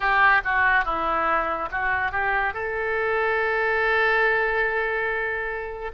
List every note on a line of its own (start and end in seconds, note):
0.00 0.41 G4
0.44 0.85 F#4
0.85 1.69 E4
1.71 2.11 F#4
2.11 2.53 G4
2.53 5.91 A4